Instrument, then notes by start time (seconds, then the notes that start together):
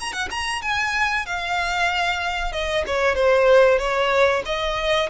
violin
0.00 A#5
0.12 F#5
0.30 A#5
0.62 G#5
1.26 F5
2.52 D#5
2.86 C#5
3.15 C5
3.78 C#5
4.45 D#5